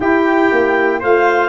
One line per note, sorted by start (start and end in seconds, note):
0.00 1.02 E4
0.00 0.52 E4
0.00 1.00 G4
0.00 1.02 G5
0.52 1.03 A#3
1.00 1.49 A3
1.00 1.49 F4
1.00 1.49 C5
1.00 1.49 F5